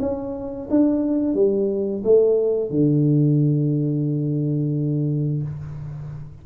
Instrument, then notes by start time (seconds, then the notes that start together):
tuba
0.00 C#4
0.70 D4
1.34 G3
2.04 A3
2.70 D3